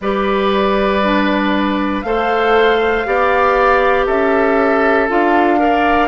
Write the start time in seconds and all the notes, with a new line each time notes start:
0.00 G3 G4 B4 D5
1.03 D4
2.01 A3 A4 C5 F5
3.05 B3 G4 D5
4.06 C#4 A4 E5
5.09 D4 F4 F5
5.58 A#4 D5